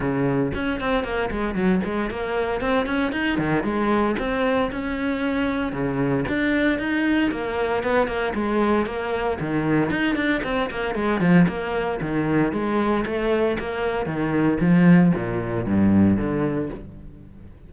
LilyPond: \new Staff \with { instrumentName = "cello" } { \time 4/4 \tempo 4 = 115 cis4 cis'8 c'8 ais8 gis8 fis8 gis8 | ais4 c'8 cis'8 dis'8 dis8 gis4 | c'4 cis'2 cis4 | d'4 dis'4 ais4 b8 ais8 |
gis4 ais4 dis4 dis'8 d'8 | c'8 ais8 gis8 f8 ais4 dis4 | gis4 a4 ais4 dis4 | f4 ais,4 g,4 d4 | }